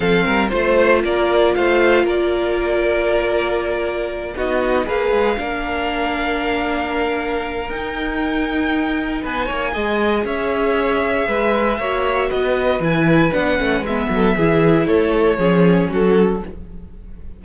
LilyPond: <<
  \new Staff \with { instrumentName = "violin" } { \time 4/4 \tempo 4 = 117 f''4 c''4 d''4 f''4 | d''1~ | d''8 dis''4 f''2~ f''8~ | f''2. g''4~ |
g''2 gis''2 | e''1 | dis''4 gis''4 fis''4 e''4~ | e''4 cis''2 a'4 | }
  \new Staff \with { instrumentName = "violin" } { \time 4/4 a'8 ais'8 c''4 ais'4 c''4 | ais'1~ | ais'8 fis'4 b'4 ais'4.~ | ais'1~ |
ais'2 b'8 cis''8 dis''4 | cis''2 b'4 cis''4 | b'2.~ b'8 a'8 | gis'4 a'4 gis'4 fis'4 | }
  \new Staff \with { instrumentName = "viola" } { \time 4/4 c'4 f'2.~ | f'1~ | f'8 dis'4 gis'4 d'4.~ | d'2. dis'4~ |
dis'2. gis'4~ | gis'2. fis'4~ | fis'4 e'4 d'8 cis'8 b4 | e'2 cis'2 | }
  \new Staff \with { instrumentName = "cello" } { \time 4/4 f8 g8 a4 ais4 a4 | ais1~ | ais8 b4 ais8 gis8 ais4.~ | ais2. dis'4~ |
dis'2 b8 ais8 gis4 | cis'2 gis4 ais4 | b4 e4 b8 a8 gis8 fis8 | e4 a4 f4 fis4 | }
>>